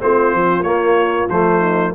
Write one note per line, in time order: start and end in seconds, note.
0.00 0.34 A3
0.00 0.65 C4
0.00 1.59 F4
0.00 0.63 C5
0.34 0.61 F3
0.61 1.25 A#3
0.61 1.30 A#3
0.61 1.28 C#5
1.30 1.94 F3
1.30 1.95 A3
1.30 1.95 C5
1.59 1.91 D#4